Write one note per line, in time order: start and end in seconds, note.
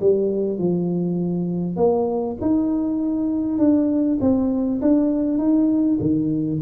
0.00 0.58 G3
0.58 1.76 F3
1.76 2.36 A#3
2.41 3.58 D#4
3.58 4.18 D4
4.20 4.80 C4
4.81 5.38 D4
5.38 5.98 D#4
6.00 6.60 D#3